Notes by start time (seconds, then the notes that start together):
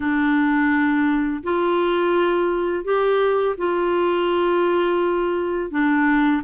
0.00 D4
1.43 F4
2.84 G4
3.57 F4
5.70 D4